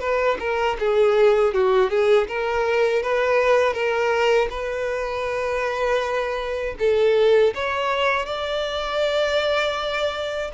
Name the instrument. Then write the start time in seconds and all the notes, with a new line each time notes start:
violin
0.00 B4
0.40 A#4
0.79 G#4
1.54 F#4
1.90 G#4
2.28 A#4
3.02 B4
3.73 A#4
4.50 B4
6.79 A4
7.55 C#5
8.26 D5